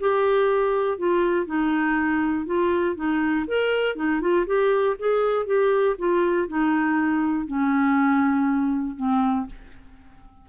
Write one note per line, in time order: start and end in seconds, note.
0.00 0.98 G4
0.98 1.46 F4
1.46 2.46 D#4
2.46 2.96 F4
2.96 3.46 D#4
3.47 3.96 A#4
3.96 4.21 D#4
4.21 4.46 F4
4.46 4.96 G4
4.99 5.46 G#4
5.46 5.96 G4
5.98 6.48 F4
6.48 7.47 D#4
7.47 8.96 C#4
8.96 9.46 C4